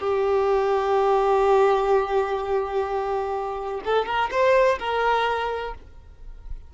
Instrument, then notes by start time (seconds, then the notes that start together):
violin
0.00 G4
3.85 A4
4.06 A#4
4.31 C5
4.79 A#4